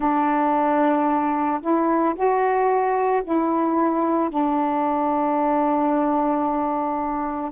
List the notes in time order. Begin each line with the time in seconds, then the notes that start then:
0.00 D4
1.61 E4
2.15 F#4
3.24 E4
4.29 D4